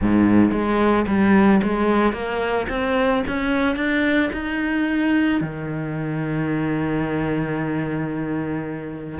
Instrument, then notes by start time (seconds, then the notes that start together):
cello
0.01 G#2
0.51 G#3
1.07 G3
1.62 G#3
2.12 A#3
2.69 C4
3.27 C#4
3.76 D4
4.32 D#4
5.40 D#3